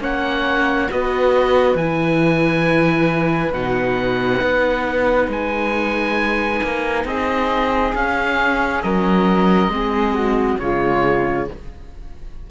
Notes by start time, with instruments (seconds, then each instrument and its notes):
0.00 cello A#3, viola C#4, flute C#5, oboe F#5
0.91 cello B3, viola F#4, flute B4, oboe D#5
1.75 cello E3, viola E4, oboe G#5
3.53 cello B2, viola D#4, oboe F#5
4.42 cello B3
5.28 cello G#3, oboe G#5
6.63 cello A#3
7.05 cello C4, flute G#4, oboe D#5
7.94 viola C#4, cello C#4, oboe F5
8.83 cello F#3, flute A#4, oboe D#5
9.69 cello G#3, viola C4, flute G#4
10.14 flute F#4
10.59 cello C#3, viola G#3, flute F4, oboe C#5